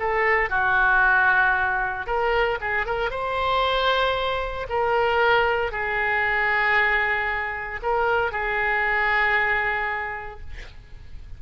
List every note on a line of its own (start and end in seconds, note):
0.00 0.50 A4
0.50 2.06 F#4
2.06 2.58 A#4
2.61 2.86 G#4
2.86 3.10 A#4
3.10 4.67 C5
4.70 5.72 A#4
5.72 7.80 G#4
7.83 8.32 A#4
8.32 10.41 G#4